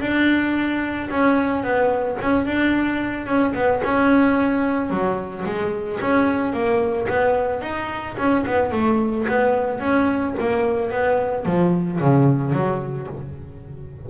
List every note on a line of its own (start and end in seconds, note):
0.00 1.09 D4
1.10 1.63 C#4
1.63 2.18 B3
2.21 2.45 C#4
2.45 3.26 D4
3.26 3.53 C#4
3.54 3.82 B3
3.84 4.90 C#4
4.90 5.44 F#3
5.45 6.00 G#3
6.01 6.53 C#4
6.53 7.07 A#3
7.08 7.61 B3
7.61 8.16 D#4
8.17 8.45 C#4
8.46 8.71 B3
8.71 9.26 A3
9.28 9.80 B3
9.80 10.34 C#4
10.39 10.91 A#3
10.91 11.45 B3
11.45 12.00 F3
12.00 12.53 C#3
12.53 13.07 F#3